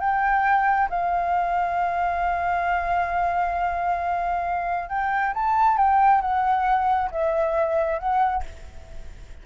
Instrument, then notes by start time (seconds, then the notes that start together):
flute
0.00 G5
0.90 F5
4.89 G5
5.34 A5
5.77 G5
6.21 F#5
7.11 E5
7.99 F#5